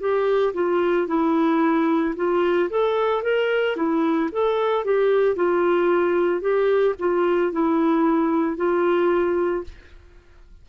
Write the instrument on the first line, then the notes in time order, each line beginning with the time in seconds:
clarinet
0.00 G4
0.54 F4
1.08 E4
2.16 F4
2.70 A4
3.23 A#4
3.76 E4
4.32 A4
4.85 G4
5.36 F4
6.41 G4
6.99 F4
7.52 E4
8.57 F4